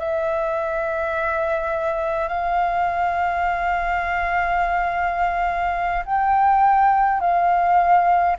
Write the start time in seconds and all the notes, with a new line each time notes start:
0.00 E5
2.29 F5
6.06 G5
7.21 F5